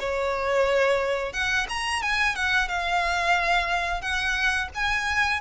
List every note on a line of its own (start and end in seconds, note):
0.00 1.33 C#5
1.33 1.67 F#5
1.69 2.02 A#5
2.02 2.36 G#5
2.36 2.68 F#5
2.68 4.01 F5
4.01 4.69 F#5
4.75 5.41 G#5